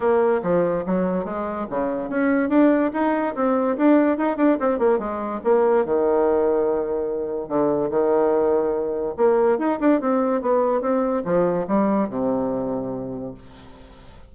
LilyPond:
\new Staff \with { instrumentName = "bassoon" } { \time 4/4 \tempo 4 = 144 ais4 f4 fis4 gis4 | cis4 cis'4 d'4 dis'4 | c'4 d'4 dis'8 d'8 c'8 ais8 | gis4 ais4 dis2~ |
dis2 d4 dis4~ | dis2 ais4 dis'8 d'8 | c'4 b4 c'4 f4 | g4 c2. | }